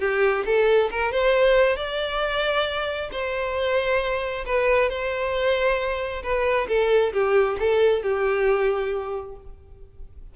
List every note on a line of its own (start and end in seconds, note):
0.00 0.44 G4
0.46 0.90 A4
0.92 1.12 A#4
1.12 1.77 C5
1.77 3.10 D5
3.12 4.45 C5
4.46 4.89 B4
4.89 6.23 C5
6.23 6.68 B4
6.68 7.13 A4
7.13 7.58 G4
7.60 8.03 A4
8.03 9.36 G4